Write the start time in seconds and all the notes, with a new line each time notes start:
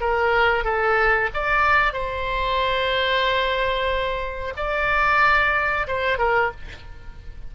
0.00 A#4
0.64 A4
1.34 D5
1.93 C5
4.57 D5
5.87 C5
6.18 A#4